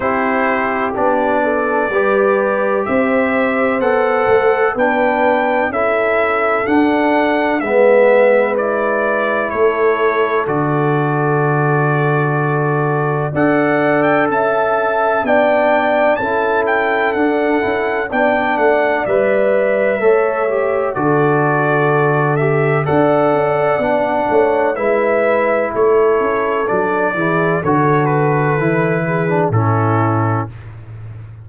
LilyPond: <<
  \new Staff \with { instrumentName = "trumpet" } { \time 4/4 \tempo 4 = 63 c''4 d''2 e''4 | fis''4 g''4 e''4 fis''4 | e''4 d''4 cis''4 d''4~ | d''2 fis''8. g''16 a''4 |
g''4 a''8 g''8 fis''4 g''8 fis''8 | e''2 d''4. e''8 | fis''2 e''4 cis''4 | d''4 cis''8 b'4. a'4 | }
  \new Staff \with { instrumentName = "horn" } { \time 4/4 g'4. a'8 b'4 c''4~ | c''4 b'4 a'2 | b'2 a'2~ | a'2 d''4 e''4 |
d''4 a'2 d''4~ | d''4 cis''4 a'2 | d''4. cis''8 b'4 a'4~ | a'8 gis'8 a'4. gis'8 e'4 | }
  \new Staff \with { instrumentName = "trombone" } { \time 4/4 e'4 d'4 g'2 | a'4 d'4 e'4 d'4 | b4 e'2 fis'4~ | fis'2 a'2 |
d'4 e'4 d'8 e'8 d'4 | b'4 a'8 g'8 fis'4. g'8 | a'4 d'4 e'2 | d'8 e'8 fis'4 e'8. d'16 cis'4 | }
  \new Staff \with { instrumentName = "tuba" } { \time 4/4 c'4 b4 g4 c'4 | b8 a8 b4 cis'4 d'4 | gis2 a4 d4~ | d2 d'4 cis'4 |
b4 cis'4 d'8 cis'8 b8 a8 | g4 a4 d2 | d'8 cis'8 b8 a8 gis4 a8 cis'8 | fis8 e8 d4 e4 a,4 | }
>>